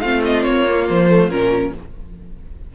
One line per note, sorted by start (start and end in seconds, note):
0.00 0.45 A3
0.00 0.67 C4
0.00 1.75 F4
0.00 0.22 F5
0.25 0.43 D#5
0.43 0.89 A#3
0.43 0.86 C#5
0.69 1.09 A#3
0.89 1.29 F3
0.89 1.30 C5
1.09 1.30 A3
1.29 1.72 A#2
1.29 1.73 C#4
1.29 1.73 A#4